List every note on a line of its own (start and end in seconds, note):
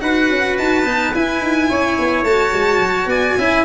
0.00 0.30 D#4
0.00 0.84 F#4
0.00 1.70 B4
0.00 0.57 F#5
0.30 0.58 C#4
0.58 0.85 D#4
0.58 1.14 A5
0.85 1.13 B3
0.85 1.14 D#4
1.14 2.26 E4
1.14 1.42 E4
1.14 2.24 G#5
1.42 1.70 D#4
1.70 1.98 C#4
1.70 3.10 C#5
1.99 2.23 B3
2.23 2.52 A3
2.23 3.39 F#4
2.23 3.08 A5
2.53 2.79 G#3
2.79 3.06 F#3
3.06 3.34 B3
3.06 3.38 D5
3.06 3.65 G#5
3.38 3.65 C#4
3.38 3.65 E4
3.38 3.65 E5